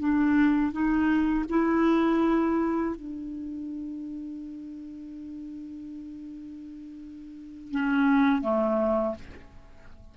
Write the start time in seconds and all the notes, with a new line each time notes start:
0.00 D4
0.72 D#4
1.50 E4
2.96 D4
7.72 C#4
8.42 A3